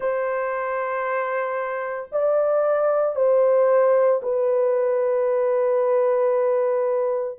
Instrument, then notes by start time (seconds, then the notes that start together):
horn
0.00 C5
2.11 D5
3.15 C5
4.22 B4